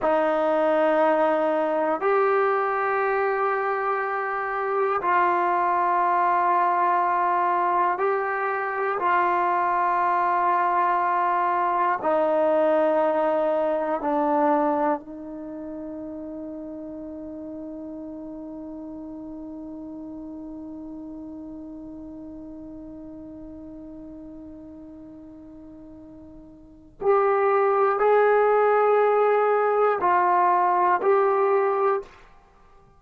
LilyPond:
\new Staff \with { instrumentName = "trombone" } { \time 4/4 \tempo 4 = 60 dis'2 g'2~ | g'4 f'2. | g'4 f'2. | dis'2 d'4 dis'4~ |
dis'1~ | dis'1~ | dis'2. g'4 | gis'2 f'4 g'4 | }